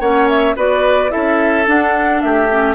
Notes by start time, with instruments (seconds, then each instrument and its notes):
0.00 bassoon A#3, clarinet C#4, oboe C#5, flute F#5
0.29 flute E5
0.56 bassoon B3, clarinet F#4, oboe B4, flute D5
1.10 bassoon C#4, clarinet E4, oboe A4, flute E5
1.67 clarinet D4, bassoon D4, flute F#5
2.21 bassoon A3, oboe G4, flute E5
2.50 clarinet C#4